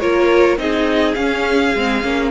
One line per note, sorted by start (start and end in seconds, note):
0.00 0.57 A#3
0.00 0.58 F4
0.00 0.58 A#4
0.00 0.58 C#5
0.57 1.15 C4
0.57 1.15 D#4
0.57 2.30 G#4
0.57 1.14 D#5
1.14 1.74 C#4
1.14 1.75 C#4
1.14 2.30 F5
1.75 2.04 G#3
1.75 2.02 C4
2.02 2.30 A#3
2.02 2.30 C#4